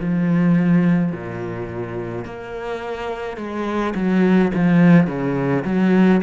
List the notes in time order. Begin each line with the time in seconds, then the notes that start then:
0.00 F3
1.12 A#2
2.25 A#3
3.37 G#3
3.95 F#3
4.54 F3
5.07 C#3
5.64 F#3